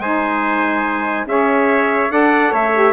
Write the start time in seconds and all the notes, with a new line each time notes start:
0.00 G#3 D#4 C5 G#5
1.26 C#4 G#4 C#5 E5
2.10 D4 A4 D5 F#5
2.52 A3 C#5 E5
2.74 G4